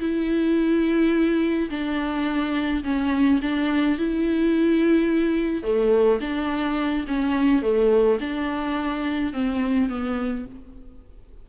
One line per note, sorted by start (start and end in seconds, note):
0.00 1.70 E4
1.71 2.84 D4
2.84 3.41 C#4
3.42 3.99 D4
3.99 5.63 E4
5.63 6.20 A3
6.21 7.06 D4
7.08 7.63 C#4
7.63 8.19 A3
8.21 9.33 D4
9.33 9.89 C4
9.89 10.46 B3